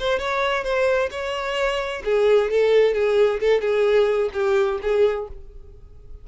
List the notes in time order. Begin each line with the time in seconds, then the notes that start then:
0.00 C5
0.19 C#5
0.64 C5
1.12 C#5
2.05 G#4
2.51 A4
2.95 G#4
3.41 A4
3.62 G#4
4.34 G4
4.83 G#4